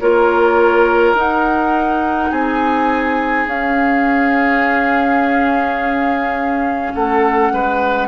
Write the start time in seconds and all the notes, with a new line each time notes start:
0.00 A#3 F4 A#4 C#5
1.14 D#4 F#5
2.31 C4 G#4 G#5
3.46 C#4 F5
6.94 A3 A4 F#5
7.52 G#3 B4